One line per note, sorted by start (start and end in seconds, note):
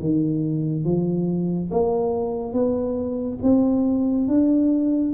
0.00 0.85 D#3
0.85 1.71 F3
1.71 2.53 A#3
2.53 3.39 B3
3.43 4.28 C4
4.28 5.14 D4